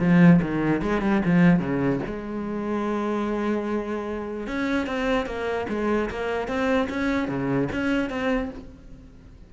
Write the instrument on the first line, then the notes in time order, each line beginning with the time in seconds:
cello
0.00 F3
0.42 D#3
0.82 G#3
1.02 G3
1.26 F3
1.60 C#3
2.07 G#3
4.47 C#4
4.87 C4
5.27 A#3
5.70 G#3
6.11 A#3
6.48 C4
6.90 C#4
7.29 C#3
7.72 C#4
8.10 C4